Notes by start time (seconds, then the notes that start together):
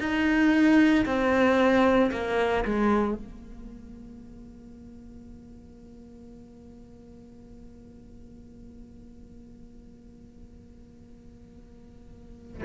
0.00 D#4
1.05 C4
2.11 A#3
2.65 G#3
3.14 A#3